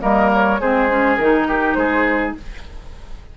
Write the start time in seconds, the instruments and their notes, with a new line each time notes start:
0.00 bassoon G3, clarinet A#3, oboe A#4, flute D#5
0.34 flute C#5
0.61 bassoon G#3, clarinet C4, oboe G#4, flute C5
0.90 clarinet C#4
1.17 bassoon D#3, clarinet D#4, flute A#4
1.48 oboe G4
1.74 bassoon G#3, oboe G#4, flute C5